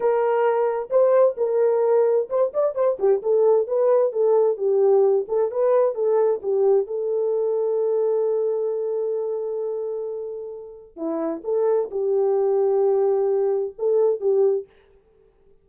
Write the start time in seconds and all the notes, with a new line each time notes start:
0.00 A#4
0.90 C5
1.37 A#4
2.29 C5
2.53 D5
2.75 C5
2.99 G4
3.22 A4
3.67 B4
4.12 A4
4.57 G4
5.28 A4
5.51 B4
5.95 A4
6.42 G4
6.87 A4
10.96 E4
11.44 A4
11.91 G4
13.78 A4
14.20 G4